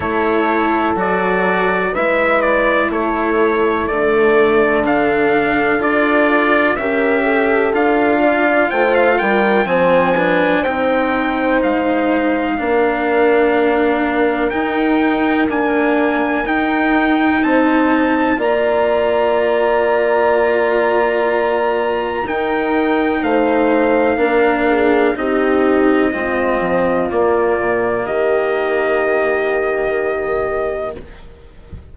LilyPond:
<<
  \new Staff \with { instrumentName = "trumpet" } { \time 4/4 \tempo 4 = 62 cis''4 d''4 e''8 d''8 cis''4 | d''4 f''4 d''4 e''4 | f''4 g''16 f''16 g''8 gis''4 g''4 | f''2. g''4 |
gis''4 g''4 a''4 ais''4~ | ais''2. g''4 | f''2 dis''2 | d''4 dis''2. | }
  \new Staff \with { instrumentName = "horn" } { \time 4/4 a'2 b'4 a'4~ | a'2. ais'8 a'8~ | a'8 d''8 c''8 ais'8 c''8 b'8 c''4~ | c''4 ais'2.~ |
ais'2 c''4 d''4~ | d''2. ais'4 | c''4 ais'8 gis'8 g'4 f'4~ | f'4 g'2. | }
  \new Staff \with { instrumentName = "cello" } { \time 4/4 e'4 fis'4 e'2 | a4 d'4 f'4 g'4 | f'2 c'8 d'8 dis'4~ | dis'4 d'2 dis'4 |
ais4 dis'2 f'4~ | f'2. dis'4~ | dis'4 d'4 dis'4 c'4 | ais1 | }
  \new Staff \with { instrumentName = "bassoon" } { \time 4/4 a4 fis4 gis4 a4 | d2 d'4 cis'4 | d'4 a8 g8 f4 c'4 | gis4 ais2 dis'4 |
d'4 dis'4 c'4 ais4~ | ais2. dis'4 | a4 ais4 c'4 gis8 f8 | ais8 ais,8 dis2. | }
>>